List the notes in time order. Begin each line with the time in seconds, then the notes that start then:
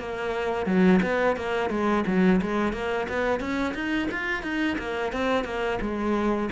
0.00 A#3
0.66 F#3
1.03 B3
1.36 A#3
1.70 G#3
2.07 F#3
2.42 G#3
2.73 A#3
3.09 B3
3.40 C#4
3.74 D#4
4.11 F4
4.43 D#4
4.79 A#3
5.12 C4
5.45 A#3
5.81 G#3